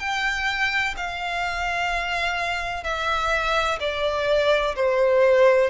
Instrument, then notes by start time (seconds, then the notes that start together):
violin
0.00 G5
0.97 F5
2.84 E5
3.81 D5
4.76 C5